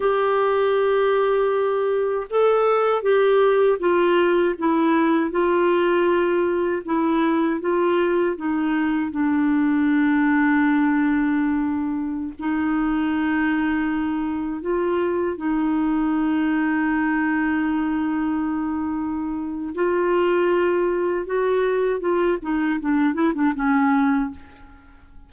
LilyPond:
\new Staff \with { instrumentName = "clarinet" } { \time 4/4 \tempo 4 = 79 g'2. a'4 | g'4 f'4 e'4 f'4~ | f'4 e'4 f'4 dis'4 | d'1~ |
d'16 dis'2. f'8.~ | f'16 dis'2.~ dis'8.~ | dis'2 f'2 | fis'4 f'8 dis'8 d'8 e'16 d'16 cis'4 | }